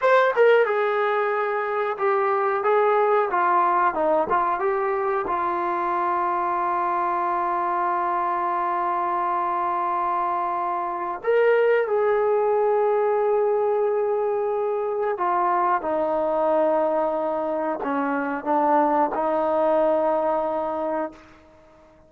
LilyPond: \new Staff \with { instrumentName = "trombone" } { \time 4/4 \tempo 4 = 91 c''8 ais'8 gis'2 g'4 | gis'4 f'4 dis'8 f'8 g'4 | f'1~ | f'1~ |
f'4 ais'4 gis'2~ | gis'2. f'4 | dis'2. cis'4 | d'4 dis'2. | }